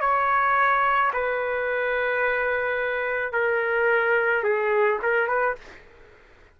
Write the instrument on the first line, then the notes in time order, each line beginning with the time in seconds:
trumpet
0.00 C#5
1.13 B4
3.32 A#4
4.43 G#4
5.02 A#4
5.27 B4